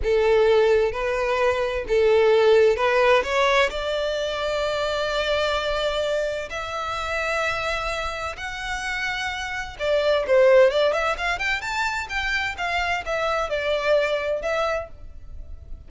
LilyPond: \new Staff \with { instrumentName = "violin" } { \time 4/4 \tempo 4 = 129 a'2 b'2 | a'2 b'4 cis''4 | d''1~ | d''2 e''2~ |
e''2 fis''2~ | fis''4 d''4 c''4 d''8 e''8 | f''8 g''8 a''4 g''4 f''4 | e''4 d''2 e''4 | }